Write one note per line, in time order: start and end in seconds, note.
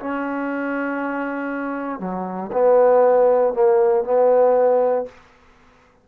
0.00 2.00 C#4
2.00 2.51 F#3
2.53 3.54 B3
3.54 4.04 A#3
4.04 5.06 B3